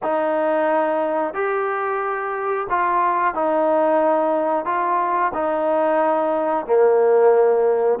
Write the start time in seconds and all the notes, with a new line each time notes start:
0.02 D#4
1.33 G4
2.69 F4
3.34 D#4
4.65 F4
5.34 D#4
6.65 A#3